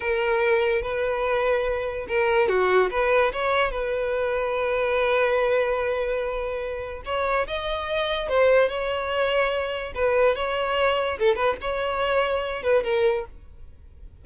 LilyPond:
\new Staff \with { instrumentName = "violin" } { \time 4/4 \tempo 4 = 145 ais'2 b'2~ | b'4 ais'4 fis'4 b'4 | cis''4 b'2.~ | b'1~ |
b'4 cis''4 dis''2 | c''4 cis''2. | b'4 cis''2 a'8 b'8 | cis''2~ cis''8 b'8 ais'4 | }